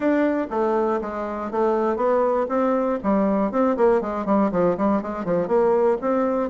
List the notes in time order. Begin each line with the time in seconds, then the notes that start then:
0.00 D4
0.50 A3
1.01 G#3
1.51 A3
1.96 B3
2.48 C4
3.02 G3
3.51 C4
3.76 A#3
4.01 G#3
4.25 G3
4.51 F3
4.77 G3
5.02 G#3
5.25 F3
5.47 A#3
6.01 C4